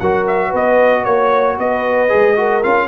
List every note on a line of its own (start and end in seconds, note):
0.00 0.54 F#3
0.00 2.09 F#4
0.00 0.50 A#4
0.00 0.26 F#5
0.28 0.54 E5
0.50 1.06 B3
0.50 1.03 B4
0.50 1.04 D#5
1.04 1.58 A#3
1.04 1.57 C#5
1.04 1.58 C#5
1.59 2.11 B3
1.59 2.38 B4
1.59 2.63 D#5
2.09 2.64 G#3
2.09 2.35 G#4
2.36 2.63 F#4
2.36 2.88 A#4
2.63 2.88 C#4
2.63 2.88 F4
2.63 2.88 F5